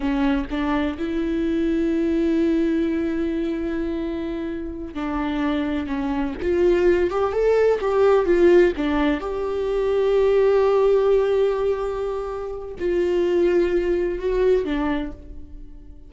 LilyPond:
\new Staff \with { instrumentName = "viola" } { \time 4/4 \tempo 4 = 127 cis'4 d'4 e'2~ | e'1~ | e'2~ e'8 d'4.~ | d'8 cis'4 f'4. g'8 a'8~ |
a'8 g'4 f'4 d'4 g'8~ | g'1~ | g'2. f'4~ | f'2 fis'4 d'4 | }